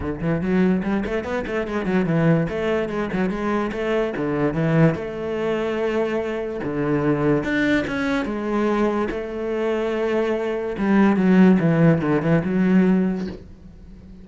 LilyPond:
\new Staff \with { instrumentName = "cello" } { \time 4/4 \tempo 4 = 145 d8 e8 fis4 g8 a8 b8 a8 | gis8 fis8 e4 a4 gis8 fis8 | gis4 a4 d4 e4 | a1 |
d2 d'4 cis'4 | gis2 a2~ | a2 g4 fis4 | e4 d8 e8 fis2 | }